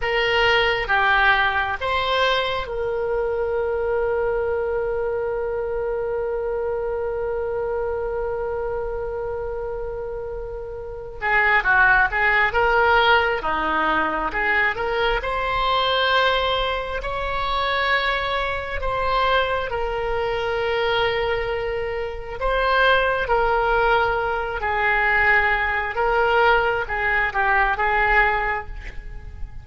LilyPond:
\new Staff \with { instrumentName = "oboe" } { \time 4/4 \tempo 4 = 67 ais'4 g'4 c''4 ais'4~ | ais'1~ | ais'1~ | ais'8 gis'8 fis'8 gis'8 ais'4 dis'4 |
gis'8 ais'8 c''2 cis''4~ | cis''4 c''4 ais'2~ | ais'4 c''4 ais'4. gis'8~ | gis'4 ais'4 gis'8 g'8 gis'4 | }